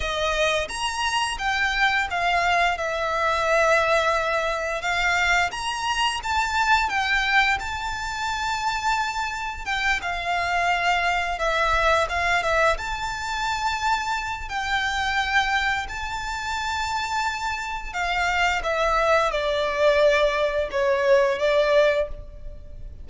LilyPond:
\new Staff \with { instrumentName = "violin" } { \time 4/4 \tempo 4 = 87 dis''4 ais''4 g''4 f''4 | e''2. f''4 | ais''4 a''4 g''4 a''4~ | a''2 g''8 f''4.~ |
f''8 e''4 f''8 e''8 a''4.~ | a''4 g''2 a''4~ | a''2 f''4 e''4 | d''2 cis''4 d''4 | }